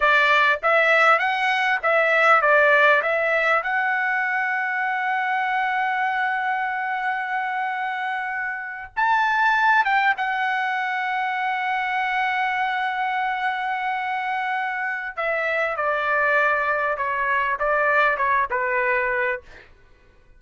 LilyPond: \new Staff \with { instrumentName = "trumpet" } { \time 4/4 \tempo 4 = 99 d''4 e''4 fis''4 e''4 | d''4 e''4 fis''2~ | fis''1~ | fis''2~ fis''8. a''4~ a''16~ |
a''16 g''8 fis''2.~ fis''16~ | fis''1~ | fis''4 e''4 d''2 | cis''4 d''4 cis''8 b'4. | }